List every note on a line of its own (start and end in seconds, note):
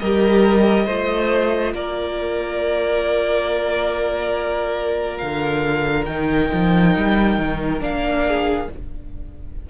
0.00 0.87 G3
0.00 0.87 G4
0.00 0.86 A#4
0.00 1.74 D#5
0.86 1.73 A3
0.86 6.08 F4
0.86 1.73 C5
1.73 5.21 A#3
1.73 8.26 A#4
1.73 5.18 D5
5.18 6.08 D3
5.18 6.05 F5
6.06 6.51 D#3
6.06 7.80 D#4
6.06 7.80 G5
6.53 6.97 F3
6.97 7.39 G3
7.39 7.81 D#3
7.80 8.68 A#3
7.80 8.67 D4
7.80 8.70 F5
8.26 8.70 G#4